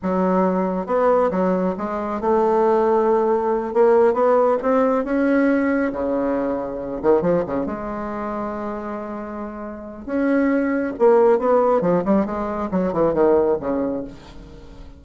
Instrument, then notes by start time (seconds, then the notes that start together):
bassoon
0.02 F#3
0.86 B3
1.30 F#3
1.77 G#3
2.20 A3
3.73 A#3
4.13 B3
4.62 C4
5.04 C#4
5.92 C#3
7.02 D#3
7.21 F3
7.46 C#3
7.66 G#3
10.05 C#4
10.98 A#3
11.38 B3
11.81 F3
12.04 G3
12.25 G#3
12.71 F#3
12.92 E3
13.13 D#3
13.60 C#3